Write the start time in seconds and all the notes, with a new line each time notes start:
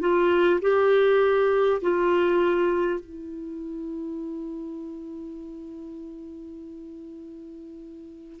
0.00 F4
0.61 G4
1.81 F4
3.00 E4